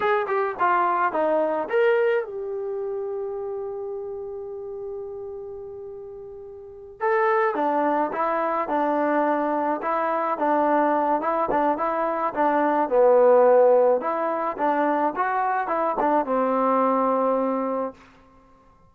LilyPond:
\new Staff \with { instrumentName = "trombone" } { \time 4/4 \tempo 4 = 107 gis'8 g'8 f'4 dis'4 ais'4 | g'1~ | g'1~ | g'8 a'4 d'4 e'4 d'8~ |
d'4. e'4 d'4. | e'8 d'8 e'4 d'4 b4~ | b4 e'4 d'4 fis'4 | e'8 d'8 c'2. | }